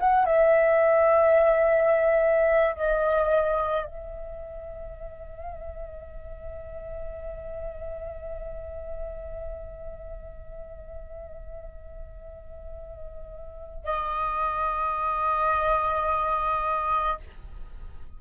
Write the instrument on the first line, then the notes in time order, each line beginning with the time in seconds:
flute
0.00 F#5
0.25 E5
2.75 D#5
3.86 E5
13.84 D#5